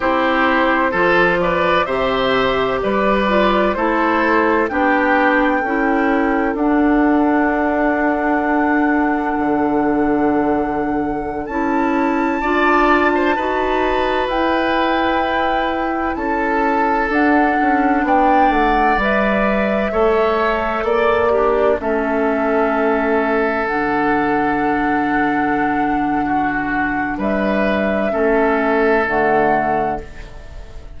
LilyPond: <<
  \new Staff \with { instrumentName = "flute" } { \time 4/4 \tempo 4 = 64 c''4. d''8 e''4 d''4 | c''4 g''2 fis''4~ | fis''1~ | fis''16 a''2. g''8.~ |
g''4~ g''16 a''4 fis''4 g''8 fis''16~ | fis''16 e''2 d''4 e''8.~ | e''4~ e''16 fis''2~ fis''8.~ | fis''4 e''2 fis''4 | }
  \new Staff \with { instrumentName = "oboe" } { \time 4/4 g'4 a'8 b'8 c''4 b'4 | a'4 g'4 a'2~ | a'1~ | a'4~ a'16 d''8. c''16 b'4.~ b'16~ |
b'4~ b'16 a'2 d''8.~ | d''4~ d''16 cis''4 d''8 d'8 a'8.~ | a'1 | fis'4 b'4 a'2 | }
  \new Staff \with { instrumentName = "clarinet" } { \time 4/4 e'4 f'4 g'4. f'8 | e'4 d'4 e'4 d'4~ | d'1~ | d'16 e'4 f'4 fis'4 e'8.~ |
e'2~ e'16 d'4.~ d'16~ | d'16 b'4 a'4. g'8 cis'8.~ | cis'4~ cis'16 d'2~ d'8.~ | d'2 cis'4 a4 | }
  \new Staff \with { instrumentName = "bassoon" } { \time 4/4 c'4 f4 c4 g4 | a4 b4 cis'4 d'4~ | d'2 d2~ | d16 cis'4 d'4 dis'4 e'8.~ |
e'4~ e'16 cis'4 d'8 cis'8 b8 a16~ | a16 g4 a4 ais4 a8.~ | a4~ a16 d2~ d8.~ | d4 g4 a4 d4 | }
>>